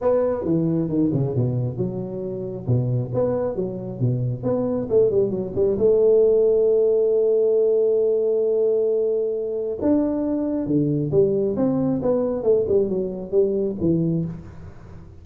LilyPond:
\new Staff \with { instrumentName = "tuba" } { \time 4/4 \tempo 4 = 135 b4 e4 dis8 cis8 b,4 | fis2 b,4 b4 | fis4 b,4 b4 a8 g8 | fis8 g8 a2.~ |
a1~ | a2 d'2 | d4 g4 c'4 b4 | a8 g8 fis4 g4 e4 | }